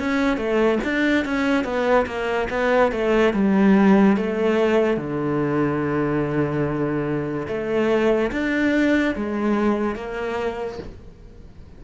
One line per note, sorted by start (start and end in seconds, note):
0.00 0.37 C#4
0.37 0.79 A3
0.84 1.25 D4
1.25 1.64 C#4
1.64 2.06 B3
2.07 2.48 A#3
2.50 2.92 B3
2.92 3.34 A3
3.34 4.17 G3
4.17 4.98 A3
4.98 7.48 D3
7.48 8.31 A3
8.32 9.16 D4
9.16 9.96 G#3
9.96 10.79 A#3